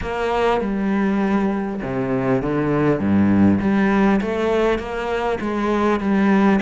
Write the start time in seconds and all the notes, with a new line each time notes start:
0.01 A#3
0.61 G3
1.82 C3
2.42 D3
2.99 G2
3.60 G3
4.21 A3
4.78 A#3
5.40 G#3
6.00 G3